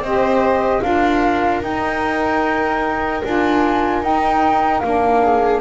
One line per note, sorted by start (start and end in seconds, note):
0.00 0.80 C4
0.00 0.82 G4
0.00 0.83 C5
0.00 0.81 D#5
0.81 1.62 D4
0.81 1.61 F4
0.81 5.23 A#4
0.81 1.61 F5
1.61 3.21 D#4
1.61 3.22 D#4
1.61 3.23 G5
3.24 4.02 D4
3.24 4.03 F4
3.24 4.03 G#5
4.02 4.82 D#4
4.02 4.83 D#4
4.02 4.80 G5
4.80 5.61 A#3
4.80 5.61 D4
4.80 5.60 F5
5.23 5.61 G#4